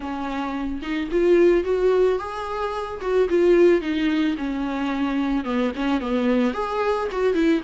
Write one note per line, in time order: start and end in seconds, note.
0.00 0.81 C#4
0.82 1.09 D#4
1.11 1.64 F4
1.64 2.18 F#4
2.18 3.00 G#4
3.01 3.28 F#4
3.29 3.81 F4
3.81 4.35 D#4
4.37 5.44 C#4
5.44 5.71 B3
5.75 6.00 C#4
6.00 6.53 B3
6.53 7.08 G#4
7.11 7.33 F#4
7.33 7.61 E4